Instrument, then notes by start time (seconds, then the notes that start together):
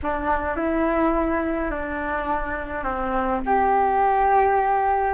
flute
0.02 D4
0.56 E4
1.71 D4
2.83 C4
3.45 G4